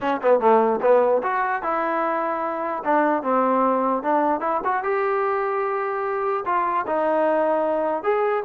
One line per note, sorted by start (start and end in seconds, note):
0.00 0.21 C#4
0.22 0.39 B3
0.39 0.80 A3
0.81 1.22 B3
1.23 1.62 F#4
1.62 2.83 E4
2.84 3.22 D4
3.22 4.02 C4
4.02 4.40 D4
4.40 4.60 E4
4.64 4.83 F#4
4.83 6.44 G4
6.45 6.85 F4
6.86 8.03 D#4
8.03 8.43 G#4